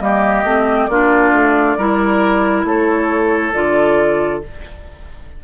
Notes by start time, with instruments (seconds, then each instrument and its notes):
0.00 bassoon G3, clarinet A#3, oboe G4, flute D#5
0.44 bassoon A3, clarinet C4
0.86 bassoon A#3, clarinet D4, oboe F4, flute D5
1.32 bassoon A3
1.77 bassoon G3, clarinet E4, oboe A#4
2.65 bassoon A3, oboe A4, flute C#5
3.53 bassoon D3, clarinet F4, flute D5